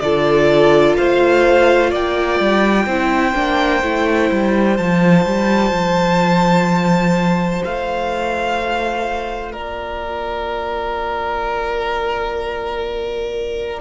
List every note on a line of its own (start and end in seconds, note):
0.00 0.96 D3
0.00 2.89 F4
0.00 0.97 A4
0.00 0.95 D5
0.97 1.92 A3
0.97 1.90 C5
0.97 1.92 F5
1.90 2.39 A#3
1.90 2.85 D5
1.90 4.77 G5
2.39 2.86 G3
2.86 3.34 C4
2.86 3.34 E4
2.86 9.52 C5
3.34 3.83 A#3
3.34 3.81 D4
3.82 4.30 A3
3.82 4.77 E4
4.31 4.78 G3
4.77 5.25 F3
4.77 13.81 F4
4.77 7.62 A5
5.25 5.71 G3
5.71 7.62 F3
7.64 9.55 A3
7.64 9.53 F5
9.52 13.81 A#3
9.52 13.80 A#4
9.52 13.81 D5